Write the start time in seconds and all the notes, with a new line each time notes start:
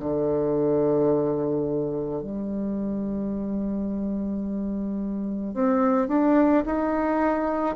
0.00 D3
2.22 G3
5.54 C4
6.08 D4
6.66 D#4